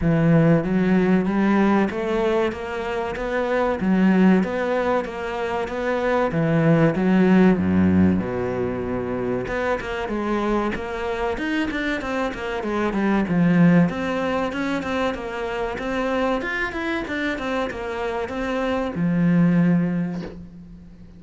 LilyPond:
\new Staff \with { instrumentName = "cello" } { \time 4/4 \tempo 4 = 95 e4 fis4 g4 a4 | ais4 b4 fis4 b4 | ais4 b4 e4 fis4 | fis,4 b,2 b8 ais8 |
gis4 ais4 dis'8 d'8 c'8 ais8 | gis8 g8 f4 c'4 cis'8 c'8 | ais4 c'4 f'8 e'8 d'8 c'8 | ais4 c'4 f2 | }